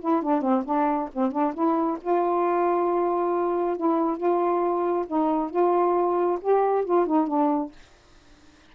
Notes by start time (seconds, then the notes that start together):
0.00 E4
0.22 D4
0.42 C4
0.65 D4
1.14 C4
1.32 D4
1.54 E4
2.01 F4
3.77 E4
4.17 F4
5.07 D#4
5.50 F4
6.41 G4
6.85 F4
7.06 D#4
7.27 D4